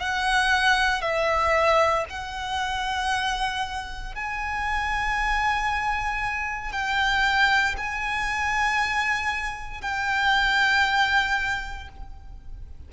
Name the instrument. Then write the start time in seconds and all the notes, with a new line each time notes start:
violin
0.00 F#5
1.02 E5
2.10 F#5
4.15 G#5
6.72 G5
7.77 G#5
9.81 G5